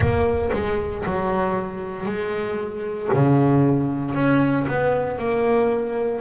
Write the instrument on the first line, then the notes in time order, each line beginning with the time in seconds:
double bass
0.00 A#3
0.52 G#3
1.05 F#3
2.05 G#3
3.13 C#3
4.14 C#4
4.67 B3
5.18 A#3